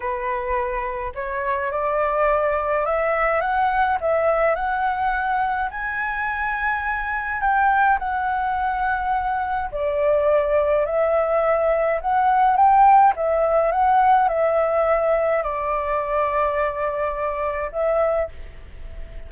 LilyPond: \new Staff \with { instrumentName = "flute" } { \time 4/4 \tempo 4 = 105 b'2 cis''4 d''4~ | d''4 e''4 fis''4 e''4 | fis''2 gis''2~ | gis''4 g''4 fis''2~ |
fis''4 d''2 e''4~ | e''4 fis''4 g''4 e''4 | fis''4 e''2 d''4~ | d''2. e''4 | }